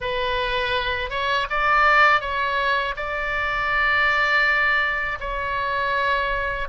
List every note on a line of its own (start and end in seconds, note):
0.00 1.10 B4
1.10 1.47 C#5
1.49 2.21 D5
2.21 2.95 C#5
2.96 5.18 D5
5.20 6.68 C#5